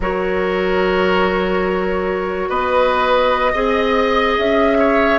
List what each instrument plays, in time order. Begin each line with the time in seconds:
0.00 bassoon F#3, clarinet F#4, oboe A#4, flute C#5
2.49 bassoon B3, oboe B4, flute D#5
3.52 bassoon C4, clarinet G#4, oboe D#5
4.38 bassoon C#4, flute E5
4.79 oboe C#5